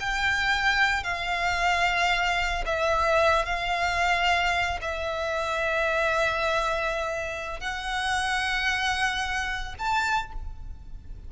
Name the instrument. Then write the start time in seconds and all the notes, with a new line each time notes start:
violin
0.00 G5
1.04 F5
2.66 E5
3.46 F5
4.82 E5
7.61 F#5
9.79 A5